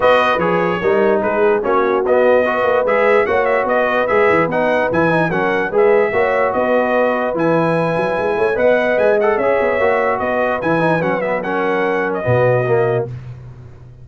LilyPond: <<
  \new Staff \with { instrumentName = "trumpet" } { \time 4/4 \tempo 4 = 147 dis''4 cis''2 b'4 | cis''4 dis''2 e''4 | fis''8 e''8 dis''4 e''4 fis''4 | gis''4 fis''4 e''2 |
dis''2 gis''2~ | gis''4 fis''4 gis''8 fis''8 e''4~ | e''4 dis''4 gis''4 fis''8 e''8 | fis''4.~ fis''16 dis''2~ dis''16 | }
  \new Staff \with { instrumentName = "horn" } { \time 4/4 b'2 ais'4 gis'4 | fis'2 b'2 | cis''4 b'2.~ | b'4 ais'4 b'4 cis''4 |
b'1~ | b'8 cis''8 dis''2 cis''4~ | cis''4 b'2. | ais'2 fis'2 | }
  \new Staff \with { instrumentName = "trombone" } { \time 4/4 fis'4 gis'4 dis'2 | cis'4 b4 fis'4 gis'4 | fis'2 gis'4 dis'4 | e'8 dis'8 cis'4 gis'4 fis'4~ |
fis'2 e'2~ | e'4 b'4. a'8 gis'4 | fis'2 e'8 dis'8 cis'8 b8 | cis'2 b4 ais4 | }
  \new Staff \with { instrumentName = "tuba" } { \time 4/4 b4 f4 g4 gis4 | ais4 b4. ais8 gis4 | ais4 b4 gis8 e8 b4 | e4 fis4 gis4 ais4 |
b2 e4. fis8 | gis8 a8 b4 gis4 cis'8 b8 | ais4 b4 e4 fis4~ | fis2 b,2 | }
>>